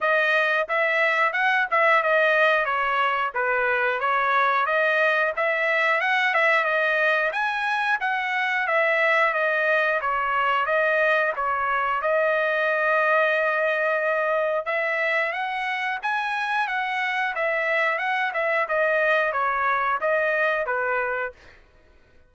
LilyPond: \new Staff \with { instrumentName = "trumpet" } { \time 4/4 \tempo 4 = 90 dis''4 e''4 fis''8 e''8 dis''4 | cis''4 b'4 cis''4 dis''4 | e''4 fis''8 e''8 dis''4 gis''4 | fis''4 e''4 dis''4 cis''4 |
dis''4 cis''4 dis''2~ | dis''2 e''4 fis''4 | gis''4 fis''4 e''4 fis''8 e''8 | dis''4 cis''4 dis''4 b'4 | }